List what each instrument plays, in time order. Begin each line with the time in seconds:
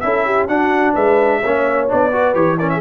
0.00 tuba C#4, trombone E4, horn A4, trumpet E5
0.25 horn G4
0.47 tuba D4, trombone D4, horn F#4, trumpet F#5
0.93 tuba G#3, horn B4, trumpet E5
1.42 tuba A#3, trombone C#4, horn C#5
1.88 tuba B3, trombone D4, trumpet D5
2.12 trombone F#4, horn B4
2.34 tuba E3, trombone G4, trumpet C#5
2.58 trombone C#4, horn A#4, trumpet D5
2.69 horn G#4, trumpet E5